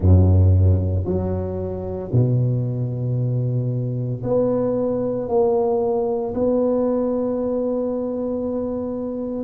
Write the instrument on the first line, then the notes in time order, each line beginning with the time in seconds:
tuba
0.00 F#2
1.05 F#3
2.12 B2
4.23 B3
5.28 A#3
6.34 B3